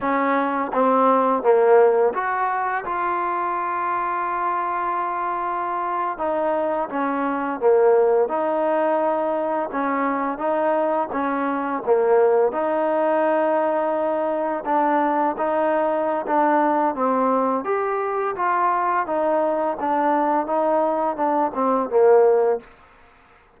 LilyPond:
\new Staff \with { instrumentName = "trombone" } { \time 4/4 \tempo 4 = 85 cis'4 c'4 ais4 fis'4 | f'1~ | f'8. dis'4 cis'4 ais4 dis'16~ | dis'4.~ dis'16 cis'4 dis'4 cis'16~ |
cis'8. ais4 dis'2~ dis'16~ | dis'8. d'4 dis'4~ dis'16 d'4 | c'4 g'4 f'4 dis'4 | d'4 dis'4 d'8 c'8 ais4 | }